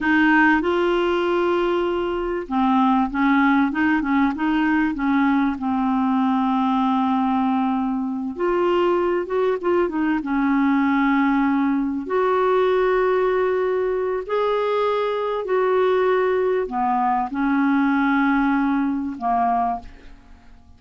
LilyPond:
\new Staff \with { instrumentName = "clarinet" } { \time 4/4 \tempo 4 = 97 dis'4 f'2. | c'4 cis'4 dis'8 cis'8 dis'4 | cis'4 c'2.~ | c'4. f'4. fis'8 f'8 |
dis'8 cis'2. fis'8~ | fis'2. gis'4~ | gis'4 fis'2 b4 | cis'2. ais4 | }